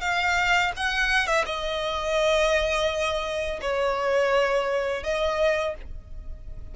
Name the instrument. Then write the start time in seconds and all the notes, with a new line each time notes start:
violin
0.00 F5
0.76 F#5
1.26 E5
1.45 D#5
3.61 C#5
5.03 D#5